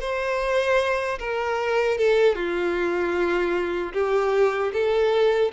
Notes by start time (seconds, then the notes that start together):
0.00 C5
1.19 A#4
1.98 A4
2.35 F4
3.93 G4
4.73 A4